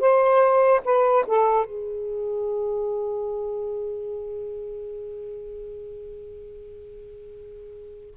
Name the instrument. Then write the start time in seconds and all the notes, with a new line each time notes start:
saxophone
0.00 C5
0.85 B4
1.27 A4
1.66 G#4